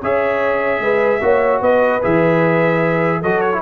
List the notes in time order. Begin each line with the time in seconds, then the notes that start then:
0.00 C#4 G#4 C#5 E5
0.79 G#3 B4
1.21 A#3 F#4 C#5
1.61 B3 B4 D#5
2.02 E3 G#4 E5
3.22 F#3 F#4 A4 D#5
3.41 C#5
3.53 E4